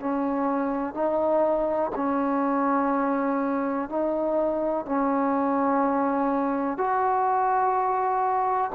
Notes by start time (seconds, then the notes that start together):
0.00 C#4
0.94 D#4
1.96 C#4
3.90 D#4
4.86 C#4
6.78 F#4